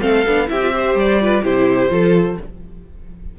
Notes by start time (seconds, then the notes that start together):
0.00 A3 C4 A4 F5
0.26 B3 D4
0.47 C4 E4 G4 E5
0.61 F4
0.72 G4 C5
0.94 G3 D5
1.20 F4 B4
1.43 C3 E4 G4 C5
1.89 F3 F4 A4